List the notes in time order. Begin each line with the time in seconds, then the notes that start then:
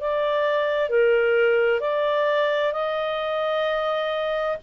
0.00 D5
0.89 A#4
1.80 D5
2.73 D#5